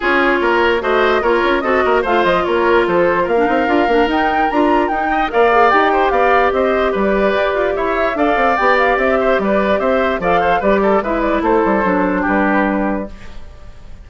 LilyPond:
<<
  \new Staff \with { instrumentName = "flute" } { \time 4/4 \tempo 4 = 147 cis''2 dis''4 cis''4 | dis''4 f''8 dis''8 cis''4 c''4 | f''2 g''4 ais''4 | g''4 f''4 g''4 f''4 |
dis''4 d''2 e''4 | f''4 g''8 f''8 e''4 d''4 | e''4 f''4 d''4 e''8 d''8 | c''2 b'2 | }
  \new Staff \with { instrumentName = "oboe" } { \time 4/4 gis'4 ais'4 c''4 ais'4 | a'8 ais'8 c''4 ais'4 a'4 | ais'1~ | ais'8 dis''8 d''4. c''8 d''4 |
c''4 b'2 cis''4 | d''2~ d''8 c''8 b'4 | c''4 d''8 c''8 b'8 a'8 b'4 | a'2 g'2 | }
  \new Staff \with { instrumentName = "clarinet" } { \time 4/4 f'2 fis'4 f'4 | fis'4 f'2.~ | f'16 d'16 dis'8 f'8 d'8 dis'4 f'4 | dis'4 ais'8 gis'8 g'2~ |
g'1 | a'4 g'2.~ | g'4 a'4 g'4 e'4~ | e'4 d'2. | }
  \new Staff \with { instrumentName = "bassoon" } { \time 4/4 cis'4 ais4 a4 ais8 cis'8 | c'8 ais8 a8 f8 ais4 f4 | ais8 c'8 d'8 ais8 dis'4 d'4 | dis'4 ais4 dis'4 b4 |
c'4 g4 g'8 f'8 e'4 | d'8 c'8 b4 c'4 g4 | c'4 f4 g4 gis4 | a8 g8 fis4 g2 | }
>>